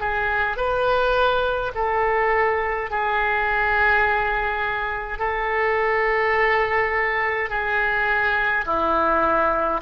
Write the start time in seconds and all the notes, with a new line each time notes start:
0.00 G#4
0.57 B4
1.75 A4
2.91 G#4
5.19 A4
7.49 G#4
8.65 E4